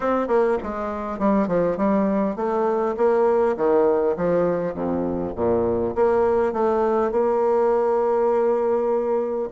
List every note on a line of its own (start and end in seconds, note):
0.00 0.27 C4
0.27 0.57 A#3
0.62 1.19 G#3
1.19 1.47 G3
1.47 1.77 F3
1.77 2.36 G3
2.36 2.95 A3
2.96 3.56 A#3
3.56 4.16 D#3
4.16 4.74 F3
4.74 5.33 F2
5.35 5.94 A#2
5.95 6.52 A#3
6.52 7.11 A3
7.11 9.49 A#3